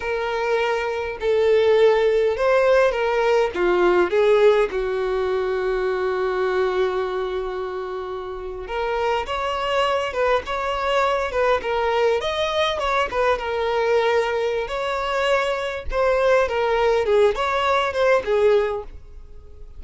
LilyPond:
\new Staff \with { instrumentName = "violin" } { \time 4/4 \tempo 4 = 102 ais'2 a'2 | c''4 ais'4 f'4 gis'4 | fis'1~ | fis'2~ fis'8. ais'4 cis''16~ |
cis''4~ cis''16 b'8 cis''4. b'8 ais'16~ | ais'8. dis''4 cis''8 b'8 ais'4~ ais'16~ | ais'4 cis''2 c''4 | ais'4 gis'8 cis''4 c''8 gis'4 | }